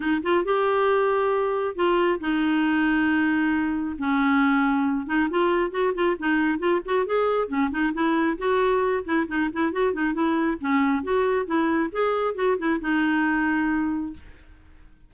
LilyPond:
\new Staff \with { instrumentName = "clarinet" } { \time 4/4 \tempo 4 = 136 dis'8 f'8 g'2. | f'4 dis'2.~ | dis'4 cis'2~ cis'8 dis'8 | f'4 fis'8 f'8 dis'4 f'8 fis'8 |
gis'4 cis'8 dis'8 e'4 fis'4~ | fis'8 e'8 dis'8 e'8 fis'8 dis'8 e'4 | cis'4 fis'4 e'4 gis'4 | fis'8 e'8 dis'2. | }